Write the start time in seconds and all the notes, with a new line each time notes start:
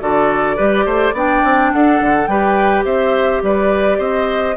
0.00 D3 F#4 A4 D5
0.57 G3 G4 B4
0.86 A3 C5
1.13 B3 D4 D5 G5
1.44 C4
1.73 D4 A4 F#5
2.01 D3
2.26 G3 G4 B4 G5
2.85 C4 C5 E5
3.42 G3 B4 D5
3.98 C4 C5 D#5